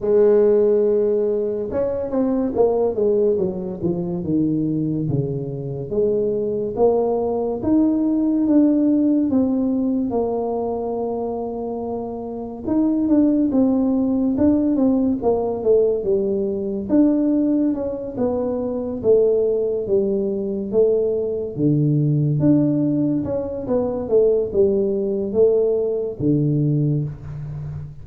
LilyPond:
\new Staff \with { instrumentName = "tuba" } { \time 4/4 \tempo 4 = 71 gis2 cis'8 c'8 ais8 gis8 | fis8 f8 dis4 cis4 gis4 | ais4 dis'4 d'4 c'4 | ais2. dis'8 d'8 |
c'4 d'8 c'8 ais8 a8 g4 | d'4 cis'8 b4 a4 g8~ | g8 a4 d4 d'4 cis'8 | b8 a8 g4 a4 d4 | }